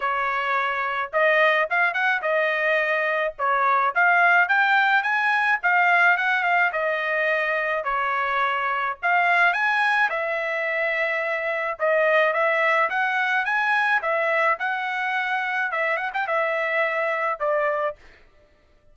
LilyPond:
\new Staff \with { instrumentName = "trumpet" } { \time 4/4 \tempo 4 = 107 cis''2 dis''4 f''8 fis''8 | dis''2 cis''4 f''4 | g''4 gis''4 f''4 fis''8 f''8 | dis''2 cis''2 |
f''4 gis''4 e''2~ | e''4 dis''4 e''4 fis''4 | gis''4 e''4 fis''2 | e''8 fis''16 g''16 e''2 d''4 | }